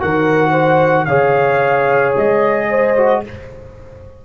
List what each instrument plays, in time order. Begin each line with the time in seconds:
0.00 tuba D#3, trombone F#4, horn A#4, trumpet F#5
0.51 horn C5
1.05 tuba C#3, trombone G#4, horn C#5, trumpet F5
2.17 tuba G#3, trumpet D#5
2.70 horn C5
2.97 trombone F#4